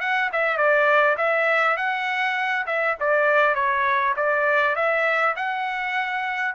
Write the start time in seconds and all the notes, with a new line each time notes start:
0.00 F#5
0.32 E5
0.57 D5
1.17 E5
1.76 F#5
2.66 E5
2.99 D5
3.55 C#5
4.16 D5
4.75 E5
5.35 F#5